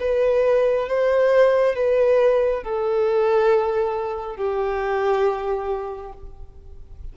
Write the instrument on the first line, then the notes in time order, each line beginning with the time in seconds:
violin
0.00 B4
0.88 C5
1.75 B4
2.63 A4
4.36 G4